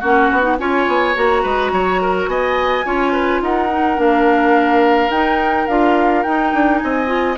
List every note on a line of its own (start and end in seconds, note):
0.00 0.31 A#3
0.00 0.42 C#4
0.00 0.57 F#4
0.00 0.57 F#5
0.31 0.58 B3
0.42 0.56 D#4
0.58 0.87 C#4
0.58 1.14 F4
0.58 1.42 C#5
0.58 1.15 G#5
0.87 1.15 B3
1.14 1.44 A#3
1.14 2.84 F#4
1.14 2.28 A#5
1.42 1.72 G#3
1.42 1.71 B4
1.72 2.27 F#3
1.72 2.01 C#5
2.01 2.29 A#4
2.27 2.83 B3
2.27 2.85 D#5
2.27 3.42 G#5
2.85 3.41 C#4
2.85 3.69 F4
2.85 3.12 C#5
3.12 3.40 B4
3.41 3.98 D#4
3.41 6.83 A#4
3.41 4.00 F#5
3.70 3.96 D#4
3.96 5.09 A#3
3.96 5.10 D4
3.96 5.11 F5
5.09 5.66 D#4
5.09 5.68 D#4
5.09 5.67 G5
5.67 6.25 D4
5.67 6.25 F4
5.67 6.23 F5
6.23 6.53 D#4
6.23 7.07 D#4
6.23 6.78 G5
6.53 6.82 D4
6.78 7.37 C4
6.78 7.37 D#5
6.78 7.35 G#5
7.07 7.35 F4